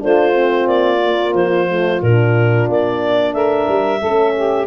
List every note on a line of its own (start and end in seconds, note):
0.00 0.67 A3
0.00 0.32 D4
0.00 3.34 F4
0.00 0.68 C5
0.32 0.99 C4
0.67 1.34 A#3
0.67 1.34 D5
1.04 1.68 A#3
1.34 2.01 F3
1.34 2.02 C5
1.68 2.02 A3
2.02 2.69 A#2
2.02 4.03 D4
2.02 2.69 A#4
2.69 3.34 A#3
2.69 3.33 D5
3.33 3.67 A3
3.33 4.00 A#4
3.33 4.67 E5
3.69 4.02 G3
4.00 4.67 A3
4.00 4.67 C#4
4.00 4.33 A4
4.36 4.67 G4